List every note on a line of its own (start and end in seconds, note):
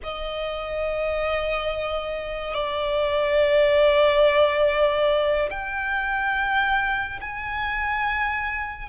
0.03 2.54 D#5
2.54 5.49 D5
5.50 7.19 G5
7.21 8.89 G#5